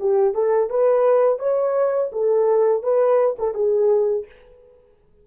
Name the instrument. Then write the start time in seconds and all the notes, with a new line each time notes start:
horn
0.00 G4
0.34 A4
0.70 B4
1.39 C#5
2.12 A4
2.83 B4
3.39 A4
3.55 G#4